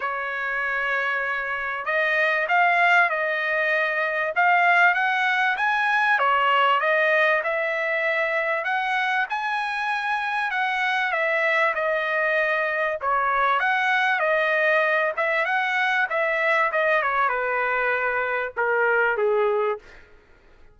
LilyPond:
\new Staff \with { instrumentName = "trumpet" } { \time 4/4 \tempo 4 = 97 cis''2. dis''4 | f''4 dis''2 f''4 | fis''4 gis''4 cis''4 dis''4 | e''2 fis''4 gis''4~ |
gis''4 fis''4 e''4 dis''4~ | dis''4 cis''4 fis''4 dis''4~ | dis''8 e''8 fis''4 e''4 dis''8 cis''8 | b'2 ais'4 gis'4 | }